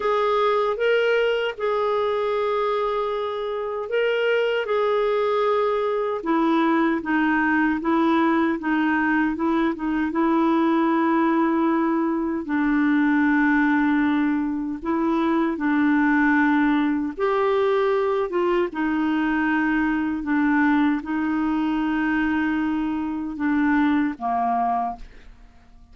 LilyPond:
\new Staff \with { instrumentName = "clarinet" } { \time 4/4 \tempo 4 = 77 gis'4 ais'4 gis'2~ | gis'4 ais'4 gis'2 | e'4 dis'4 e'4 dis'4 | e'8 dis'8 e'2. |
d'2. e'4 | d'2 g'4. f'8 | dis'2 d'4 dis'4~ | dis'2 d'4 ais4 | }